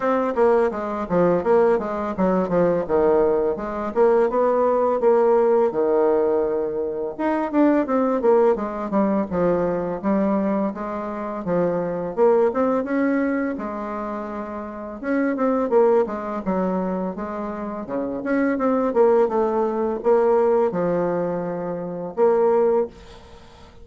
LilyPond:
\new Staff \with { instrumentName = "bassoon" } { \time 4/4 \tempo 4 = 84 c'8 ais8 gis8 f8 ais8 gis8 fis8 f8 | dis4 gis8 ais8 b4 ais4 | dis2 dis'8 d'8 c'8 ais8 | gis8 g8 f4 g4 gis4 |
f4 ais8 c'8 cis'4 gis4~ | gis4 cis'8 c'8 ais8 gis8 fis4 | gis4 cis8 cis'8 c'8 ais8 a4 | ais4 f2 ais4 | }